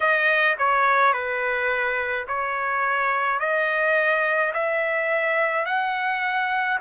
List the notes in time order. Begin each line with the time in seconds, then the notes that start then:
0.00 D#5
0.58 C#5
1.13 B4
2.27 C#5
3.40 D#5
4.53 E5
5.66 F#5